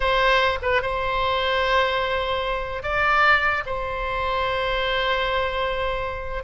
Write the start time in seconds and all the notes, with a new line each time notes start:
0.00 C5
0.62 B4
0.82 C5
2.82 D5
3.66 C5